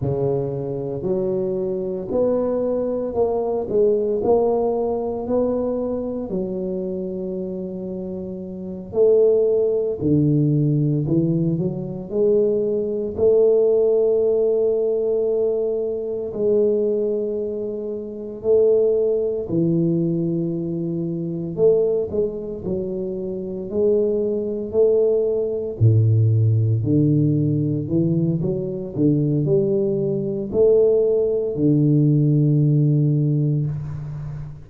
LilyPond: \new Staff \with { instrumentName = "tuba" } { \time 4/4 \tempo 4 = 57 cis4 fis4 b4 ais8 gis8 | ais4 b4 fis2~ | fis8 a4 d4 e8 fis8 gis8~ | gis8 a2. gis8~ |
gis4. a4 e4.~ | e8 a8 gis8 fis4 gis4 a8~ | a8 a,4 d4 e8 fis8 d8 | g4 a4 d2 | }